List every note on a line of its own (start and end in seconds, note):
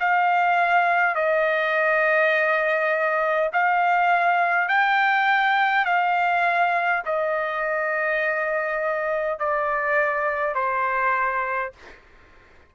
0.00 1.15 F5
1.15 3.50 D#5
3.52 4.68 F5
4.68 5.85 G5
5.85 7.03 F5
7.05 9.39 D#5
9.39 10.55 D5
10.55 11.72 C5